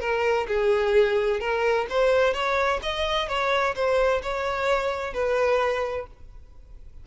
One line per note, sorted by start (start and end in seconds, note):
0.00 0.47 A#4
0.47 1.40 G#4
1.40 1.86 A#4
1.89 2.33 C5
2.33 2.80 C#5
2.82 3.28 D#5
3.28 3.75 C#5
3.75 4.22 C5
4.22 5.14 C#5
5.14 6.07 B4